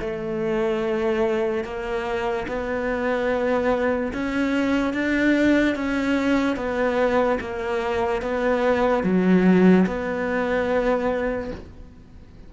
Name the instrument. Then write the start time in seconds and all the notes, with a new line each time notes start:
cello
0.00 A3
1.64 A#3
2.48 B3
4.13 C#4
4.93 D4
5.75 C#4
6.56 B3
7.40 A#3
8.22 B3
9.03 F#3
9.86 B3